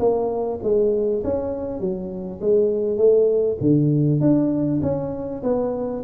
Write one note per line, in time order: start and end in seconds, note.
0.00 0.60 A#3
0.64 1.24 G#3
1.24 1.81 C#4
1.81 2.41 F#3
2.42 2.98 G#3
2.98 3.58 A3
3.61 4.21 D3
4.21 4.81 D4
4.83 5.43 C#4
5.44 6.04 B3